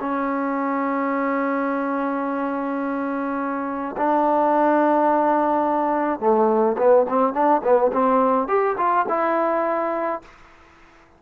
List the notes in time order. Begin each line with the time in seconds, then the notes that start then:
0.00 C#4
3.97 D4
6.20 A3
6.78 B3
7.09 C4
7.34 D4
7.64 B3
7.93 C4
8.48 G4
8.78 F4
9.09 E4